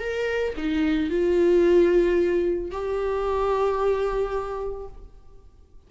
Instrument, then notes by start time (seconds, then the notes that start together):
viola
0.00 A#4
0.57 D#4
1.10 F4
2.71 G4